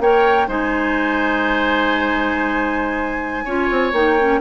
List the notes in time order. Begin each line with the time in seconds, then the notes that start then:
0.00 A#3 A#4 C#5 G5
0.48 G#3 D#4 C5 G#5
3.45 C#4 F4 C#5
3.71 C4
3.93 A#3 D#4 G5
4.19 C#4